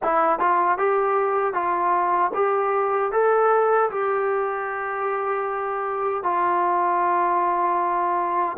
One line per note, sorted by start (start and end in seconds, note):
0.02 0.39 E4
0.39 0.78 F4
0.78 1.53 G4
1.53 2.31 F4
2.34 3.12 G4
3.12 3.90 A4
3.90 6.23 G4
6.23 8.56 F4